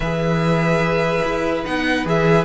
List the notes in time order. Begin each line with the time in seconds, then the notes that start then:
0.00 E3 G#4 B4 E5
1.24 E4
1.64 B3 D#4 F#5
2.05 E3 G#4 E5